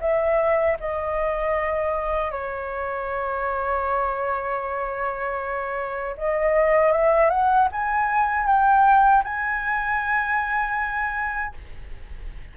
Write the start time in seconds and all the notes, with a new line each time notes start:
0.00 E5
0.79 D#5
2.31 C#5
6.17 D#5
6.92 E5
7.29 F#5
7.72 G#5
8.46 G5
9.23 G#5